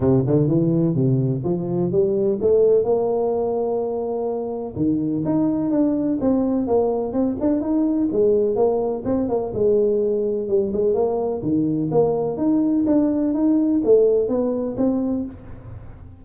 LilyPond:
\new Staff \with { instrumentName = "tuba" } { \time 4/4 \tempo 4 = 126 c8 d8 e4 c4 f4 | g4 a4 ais2~ | ais2 dis4 dis'4 | d'4 c'4 ais4 c'8 d'8 |
dis'4 gis4 ais4 c'8 ais8 | gis2 g8 gis8 ais4 | dis4 ais4 dis'4 d'4 | dis'4 a4 b4 c'4 | }